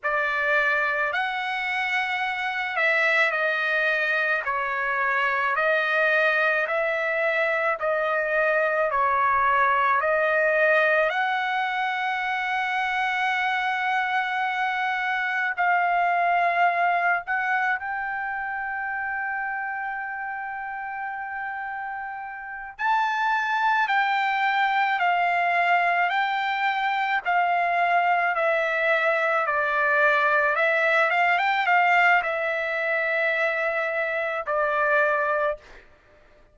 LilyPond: \new Staff \with { instrumentName = "trumpet" } { \time 4/4 \tempo 4 = 54 d''4 fis''4. e''8 dis''4 | cis''4 dis''4 e''4 dis''4 | cis''4 dis''4 fis''2~ | fis''2 f''4. fis''8 |
g''1~ | g''8 a''4 g''4 f''4 g''8~ | g''8 f''4 e''4 d''4 e''8 | f''16 g''16 f''8 e''2 d''4 | }